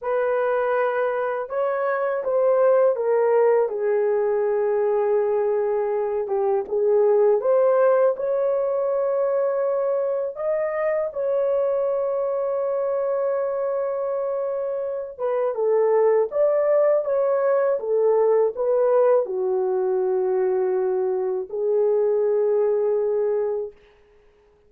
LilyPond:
\new Staff \with { instrumentName = "horn" } { \time 4/4 \tempo 4 = 81 b'2 cis''4 c''4 | ais'4 gis'2.~ | gis'8 g'8 gis'4 c''4 cis''4~ | cis''2 dis''4 cis''4~ |
cis''1~ | cis''8 b'8 a'4 d''4 cis''4 | a'4 b'4 fis'2~ | fis'4 gis'2. | }